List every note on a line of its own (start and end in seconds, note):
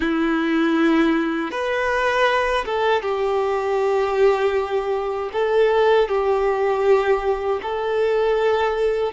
0.00 1.51 E4
1.51 2.64 B4
2.65 3.02 A4
3.02 5.30 G4
5.32 6.08 A4
6.08 7.60 G4
7.62 9.12 A4